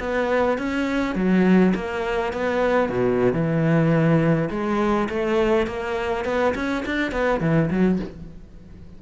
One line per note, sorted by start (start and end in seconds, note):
0.00 0.58 B3
0.59 1.16 C#4
1.16 1.74 F#3
1.75 2.33 A#3
2.33 2.90 B3
2.90 3.33 B2
3.33 4.50 E3
4.51 5.09 G#3
5.10 5.67 A3
5.67 6.25 A#3
6.25 6.55 B3
6.55 6.84 C#4
6.86 7.12 D4
7.12 7.41 B3
7.41 7.70 E3
7.71 8.00 F#3